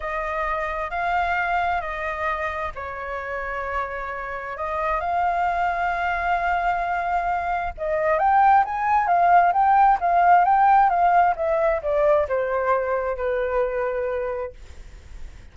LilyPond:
\new Staff \with { instrumentName = "flute" } { \time 4/4 \tempo 4 = 132 dis''2 f''2 | dis''2 cis''2~ | cis''2 dis''4 f''4~ | f''1~ |
f''4 dis''4 g''4 gis''4 | f''4 g''4 f''4 g''4 | f''4 e''4 d''4 c''4~ | c''4 b'2. | }